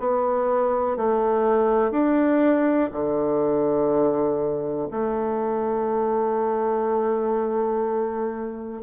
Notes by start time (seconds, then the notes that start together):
0.00 B3
0.97 A3
1.92 D4
2.92 D3
4.91 A3